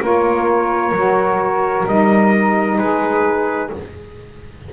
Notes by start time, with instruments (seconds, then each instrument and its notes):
0.00 double bass A#3, saxophone F4 A#4
0.06 trumpet C#5
0.92 double bass F#3, saxophone F#4
1.86 double bass G3, saxophone D#4, trumpet D#5
2.78 double bass G#3, saxophone G#4, trumpet B4